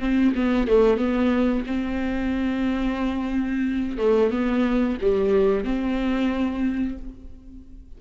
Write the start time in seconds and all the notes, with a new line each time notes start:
0.00 C4
0.35 B3
0.68 A3
0.98 B3
1.67 C4
3.98 A3
4.31 B3
5.02 G3
5.65 C4